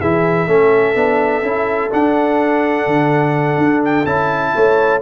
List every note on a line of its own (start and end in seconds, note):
0.00 0.47 E3
0.00 0.47 E4
0.00 0.47 G#4
0.00 1.91 E5
0.47 0.95 A3
0.47 0.95 C#4
0.47 4.52 A4
0.95 1.42 B3
0.95 1.42 D4
1.42 1.90 C#4
1.42 1.90 E4
1.91 4.05 D4
1.91 2.86 D4
1.91 3.83 F#5
2.86 3.57 D3
3.57 4.05 D4
3.85 4.05 G5
4.05 4.53 C#4
4.05 5.01 E4
4.05 5.01 A5
4.55 5.01 A3
4.55 5.01 C#5